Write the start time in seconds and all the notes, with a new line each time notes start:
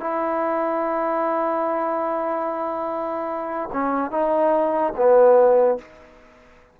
0.00 E4
3.72 C#4
4.11 D#4
4.96 B3